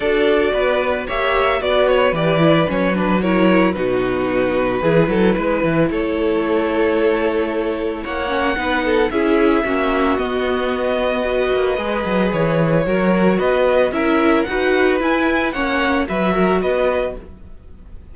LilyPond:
<<
  \new Staff \with { instrumentName = "violin" } { \time 4/4 \tempo 4 = 112 d''2 e''4 d''8 cis''8 | d''4 cis''8 b'8 cis''4 b'4~ | b'2. cis''4~ | cis''2. fis''4~ |
fis''4 e''2 dis''4~ | dis''2. cis''4~ | cis''4 dis''4 e''4 fis''4 | gis''4 fis''4 e''4 dis''4 | }
  \new Staff \with { instrumentName = "violin" } { \time 4/4 a'4 b'4 cis''4 b'4~ | b'2 ais'4 fis'4~ | fis'4 gis'8 a'8 b'4 a'4~ | a'2. cis''4 |
b'8 a'8 gis'4 fis'2~ | fis'4 b'2. | ais'4 b'4 ais'4 b'4~ | b'4 cis''4 b'8 ais'8 b'4 | }
  \new Staff \with { instrumentName = "viola" } { \time 4/4 fis'2 g'4 fis'4 | g'8 e'8 cis'8 d'8 e'4 dis'4~ | dis'4 e'2.~ | e'2.~ e'8 cis'8 |
dis'4 e'4 cis'4 b4~ | b4 fis'4 gis'2 | fis'2 e'4 fis'4 | e'4 cis'4 fis'2 | }
  \new Staff \with { instrumentName = "cello" } { \time 4/4 d'4 b4 ais4 b4 | e4 fis2 b,4~ | b,4 e8 fis8 gis8 e8 a4~ | a2. ais4 |
b4 cis'4 ais4 b4~ | b4. ais8 gis8 fis8 e4 | fis4 b4 cis'4 dis'4 | e'4 ais4 fis4 b4 | }
>>